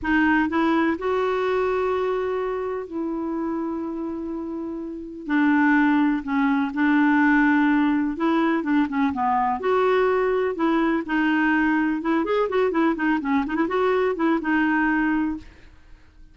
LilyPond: \new Staff \with { instrumentName = "clarinet" } { \time 4/4 \tempo 4 = 125 dis'4 e'4 fis'2~ | fis'2 e'2~ | e'2. d'4~ | d'4 cis'4 d'2~ |
d'4 e'4 d'8 cis'8 b4 | fis'2 e'4 dis'4~ | dis'4 e'8 gis'8 fis'8 e'8 dis'8 cis'8 | dis'16 e'16 fis'4 e'8 dis'2 | }